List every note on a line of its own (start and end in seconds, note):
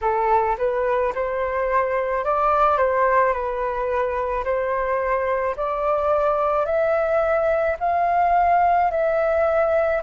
0.01 0.56 A4
0.58 1.13 B4
1.14 2.24 C5
2.24 2.77 D5
2.77 3.33 C5
3.33 4.44 B4
4.44 5.55 C5
5.56 6.65 D5
6.65 7.76 E5
7.79 8.90 F5
8.90 10.02 E5